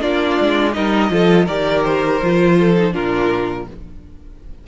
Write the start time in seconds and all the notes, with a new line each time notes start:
0.00 A#3 D4 F4 D5
0.40 G#3
0.72 G3 D#4 A#4 D#5
1.10 F3 F4 A4
1.45 D#3 G4 A#4 D5
1.83 C5
2.22 F3 F4
2.59 A4
2.77 D#4
2.91 A#2 D4 F4 A#4